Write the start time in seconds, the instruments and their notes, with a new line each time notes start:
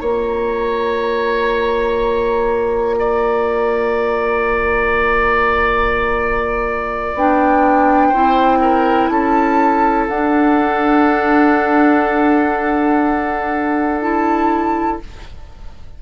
0.00 bassoon A#3, clarinet F4, oboe C#5, flute A#5
2.99 oboe D5
7.15 bassoon B3, clarinet D4, flute G5
8.09 bassoon C4, clarinet E4, oboe C5
8.61 oboe A#4
9.09 bassoon C#4, oboe A4, flute A5
10.09 bassoon D4, clarinet D4, flute F#5
14.02 clarinet E4, flute A5